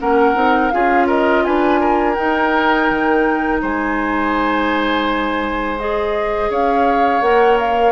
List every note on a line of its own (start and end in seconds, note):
0.00 0.35 A#3
0.00 0.35 C#4
0.00 0.73 A#4
0.00 0.70 F#5
0.35 0.72 C4
0.35 0.71 D#4
0.70 1.46 C#4
0.70 2.16 F4
0.70 1.07 G#4
0.70 1.06 F5
1.07 1.43 A#4
1.07 1.45 D#5
1.45 2.18 D4
1.45 1.81 B4
1.45 2.15 G#5
1.81 3.61 A#4
2.15 5.77 D#4
2.15 2.90 D#4
2.15 3.59 G5
2.90 3.62 D#3
3.62 6.50 G#3
3.62 6.50 C5
3.62 5.79 G#5
5.79 7.22 G#4
5.79 6.51 D#5
6.50 7.21 C#4
6.50 7.92 C#5
6.50 7.22 F5
7.21 7.92 A#3
7.21 7.92 A#4
7.21 7.58 F#5
7.58 7.92 F5